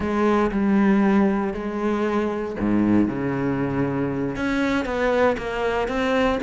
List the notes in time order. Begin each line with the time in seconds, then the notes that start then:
0.00 G#3
0.51 G3
1.53 G#3
2.60 G#2
3.08 C#3
4.36 C#4
4.85 B3
5.37 A#3
5.87 C4